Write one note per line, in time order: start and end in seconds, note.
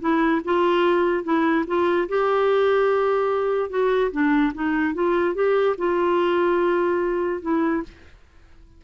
0.00 0.41 E4
0.44 1.24 F4
1.24 1.65 E4
1.67 2.08 F4
2.08 3.70 G4
3.70 4.11 F#4
4.11 4.52 D4
4.54 4.94 D#4
4.94 5.34 F4
5.34 5.76 G4
5.78 7.42 F4
7.42 7.83 E4